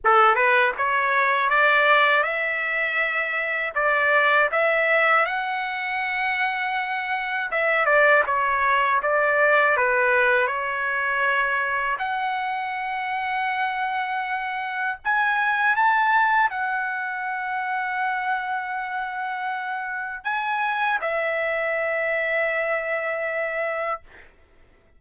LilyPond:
\new Staff \with { instrumentName = "trumpet" } { \time 4/4 \tempo 4 = 80 a'8 b'8 cis''4 d''4 e''4~ | e''4 d''4 e''4 fis''4~ | fis''2 e''8 d''8 cis''4 | d''4 b'4 cis''2 |
fis''1 | gis''4 a''4 fis''2~ | fis''2. gis''4 | e''1 | }